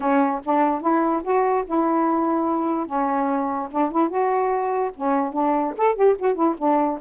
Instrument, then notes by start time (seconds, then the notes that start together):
saxophone
0.00 C#4
0.44 D4
0.81 E4
1.23 F#4
1.66 E4
2.86 C#4
3.71 D4
3.91 E4
4.09 F#4
4.96 C#4
5.33 D4
5.77 A4
5.95 G4
6.18 F#4
6.34 E4
6.58 D4